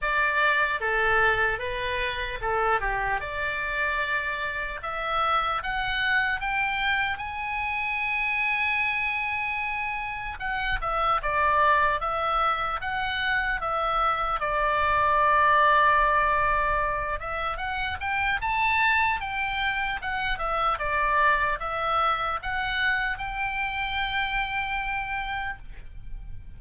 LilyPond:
\new Staff \with { instrumentName = "oboe" } { \time 4/4 \tempo 4 = 75 d''4 a'4 b'4 a'8 g'8 | d''2 e''4 fis''4 | g''4 gis''2.~ | gis''4 fis''8 e''8 d''4 e''4 |
fis''4 e''4 d''2~ | d''4. e''8 fis''8 g''8 a''4 | g''4 fis''8 e''8 d''4 e''4 | fis''4 g''2. | }